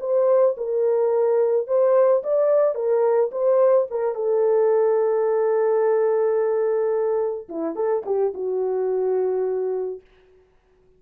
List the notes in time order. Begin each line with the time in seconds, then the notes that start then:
0.00 C5
0.57 A#4
1.67 C5
2.23 D5
2.75 A#4
3.32 C5
3.90 A#4
4.15 A4
7.49 E4
7.76 A4
8.06 G4
8.34 F#4